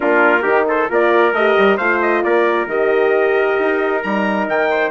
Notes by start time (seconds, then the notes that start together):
0.00 A#3 D4 F4 A#4
0.42 D#3 D#4 G4
0.67 A4 C5
0.89 A#3 F4 A#4 D5
1.32 A3 G4 D#5
1.58 G3
1.77 A3 F4 C5 F5
2.01 D#5
2.23 A#3 A#4 D5
2.66 D#3 G4 D#5
3.58 D#4
4.02 G3 D#4 A#5
4.48 D#3 G5
4.70 C5